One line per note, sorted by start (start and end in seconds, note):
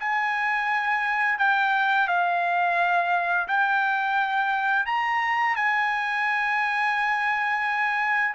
0.00 1.39 G#5
1.39 2.08 G5
2.08 3.48 F5
3.48 4.86 G5
4.86 5.56 A#5
5.56 8.35 G#5